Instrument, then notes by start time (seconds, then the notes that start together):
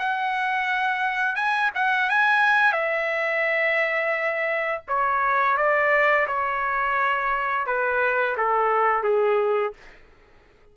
trumpet
0.00 F#5
1.36 G#5
1.75 F#5
2.10 G#5
2.73 E5
4.89 C#5
5.58 D5
6.28 C#5
7.67 B4
8.38 A4
9.04 G#4